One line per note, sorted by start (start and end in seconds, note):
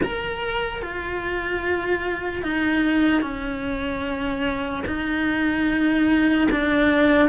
0.03 0.81 A#4
0.81 2.43 F4
2.43 3.21 D#4
3.21 4.84 C#4
4.86 6.48 D#4
6.51 7.29 D4